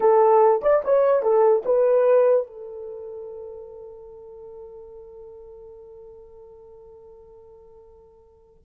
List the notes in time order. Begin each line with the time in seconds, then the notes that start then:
0.00 A4
0.62 D5
0.84 C#5
1.22 A4
1.65 B4
2.47 A4